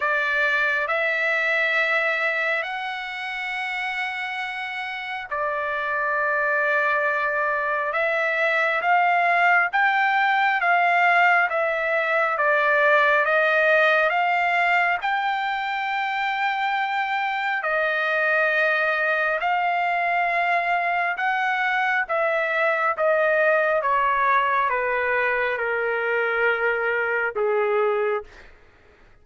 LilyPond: \new Staff \with { instrumentName = "trumpet" } { \time 4/4 \tempo 4 = 68 d''4 e''2 fis''4~ | fis''2 d''2~ | d''4 e''4 f''4 g''4 | f''4 e''4 d''4 dis''4 |
f''4 g''2. | dis''2 f''2 | fis''4 e''4 dis''4 cis''4 | b'4 ais'2 gis'4 | }